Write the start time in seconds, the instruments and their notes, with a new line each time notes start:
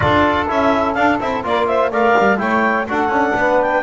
0.00 double bass D4, trombone F4, saxophone A4, clarinet D5
0.48 double bass C#4, trombone E4, clarinet E5
0.94 trombone D4, double bass D4, clarinet F5
1.20 double bass C4, trombone E4, clarinet E5
1.44 double bass A#3, trombone F4, saxophone A#4, clarinet D5
1.66 saxophone C5, clarinet E5
1.90 double bass A3, trombone A#4, saxophone D5, clarinet F5
2.18 double bass G3
2.37 double bass A3, trombone E4, saxophone C#5, clarinet G5
2.88 double bass D4, trombone F#4, saxophone A4, clarinet F#5
3.08 double bass C#4, trombone D4
3.35 double bass B3, saxophone B4
3.61 clarinet G5